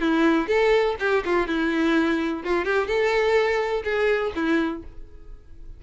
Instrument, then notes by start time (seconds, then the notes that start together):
violin
0.00 E4
0.47 A4
0.99 G4
1.25 F4
1.47 E4
2.43 F4
2.64 G4
2.86 A4
3.84 G#4
4.35 E4